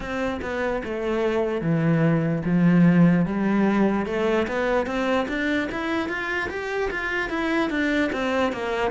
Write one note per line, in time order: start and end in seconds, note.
0.00 0.40 C4
0.41 0.82 B3
0.83 1.61 A3
1.61 2.42 E3
2.45 3.25 F3
3.25 4.06 G3
4.06 4.46 A3
4.47 4.86 B3
4.86 5.26 C4
5.28 5.69 D4
5.71 6.08 E4
6.08 6.49 F4
6.49 6.90 G4
6.90 7.29 F4
7.29 7.70 E4
7.70 8.10 D4
8.12 8.52 C4
8.52 8.91 A#3